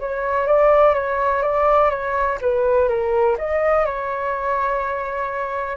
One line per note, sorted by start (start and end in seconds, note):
0.00 0.47 C#5
0.47 0.94 D5
0.94 1.43 C#5
1.43 1.90 D5
1.90 2.39 C#5
2.41 2.89 B4
2.89 3.37 A#4
3.39 3.86 D#5
3.86 5.78 C#5